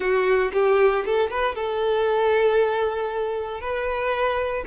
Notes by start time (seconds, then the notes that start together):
0.00 F#4
0.53 G4
1.05 A4
1.30 B4
1.55 A4
3.60 B4